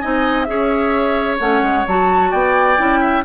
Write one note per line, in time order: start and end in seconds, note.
0.00 0.48 C4
0.00 0.46 D#4
0.00 0.47 D#5
0.00 0.43 G#5
0.43 1.40 C#4
0.43 1.38 G#4
0.43 1.35 E5
0.50 2.30 C#5
1.38 1.62 A3
1.38 1.85 C#4
1.38 1.86 F#5
1.62 1.85 G#3
1.87 2.33 F#3
1.87 2.77 F#4
1.87 2.31 A5
2.30 2.78 B3
2.30 3.00 D5
2.30 3.24 G5
2.77 3.24 C#4
2.77 3.23 E4
3.00 3.23 E5